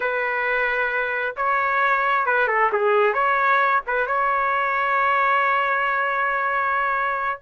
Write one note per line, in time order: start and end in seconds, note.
0.00 1.35 B4
1.36 2.26 C#5
2.26 2.47 B4
2.47 2.70 A4
2.72 3.13 G#4
3.13 3.81 C#5
3.86 4.06 B4
4.06 7.41 C#5